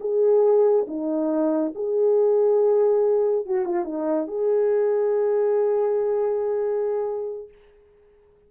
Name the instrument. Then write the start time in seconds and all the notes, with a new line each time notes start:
horn
0.00 G#4
0.87 D#4
1.75 G#4
3.46 F#4
3.65 F4
3.84 D#4
4.27 G#4